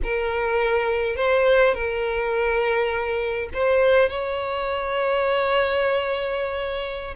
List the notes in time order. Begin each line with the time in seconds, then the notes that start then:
0.03 A#4
1.16 C5
1.74 A#4
3.53 C5
4.09 C#5